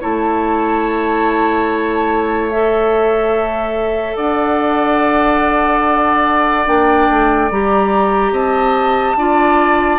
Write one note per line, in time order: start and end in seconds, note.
0.00 4.16 A3
0.00 2.51 E4
0.00 4.16 C#5
0.00 2.49 A5
2.49 6.67 A4
2.49 4.16 E5
4.16 6.66 D4
4.16 8.32 D5
4.16 6.66 F#5
6.66 7.09 A#3
6.66 7.50 D4
6.66 7.50 G5
7.10 7.51 A3
7.51 8.31 G3
7.51 9.18 G4
7.51 8.34 A#5
8.31 9.15 C4
8.31 9.16 D#5
8.31 9.99 A5
9.16 9.99 D4
9.16 9.99 F4
9.16 9.99 D5